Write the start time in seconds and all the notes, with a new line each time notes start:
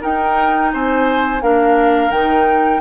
0.00 D#4 A#4 G5
0.73 C4 C5 G#5
1.42 A#3 D4 A#4 F5
2.10 D#3 D#4 G5